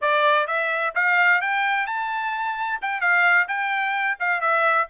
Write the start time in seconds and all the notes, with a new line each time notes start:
0.01 D5
0.47 E5
0.94 F5
1.41 G5
1.86 A5
2.81 G5
3.00 F5
3.48 G5
4.19 F5
4.40 E5